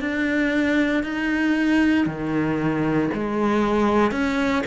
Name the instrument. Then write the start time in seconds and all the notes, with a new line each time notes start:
cello
0.00 D4
1.03 D#4
2.06 D#3
3.14 G#3
4.11 C#4